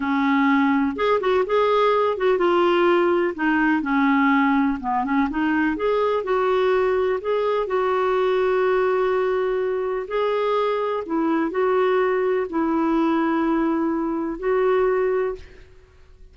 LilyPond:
\new Staff \with { instrumentName = "clarinet" } { \time 4/4 \tempo 4 = 125 cis'2 gis'8 fis'8 gis'4~ | gis'8 fis'8 f'2 dis'4 | cis'2 b8 cis'8 dis'4 | gis'4 fis'2 gis'4 |
fis'1~ | fis'4 gis'2 e'4 | fis'2 e'2~ | e'2 fis'2 | }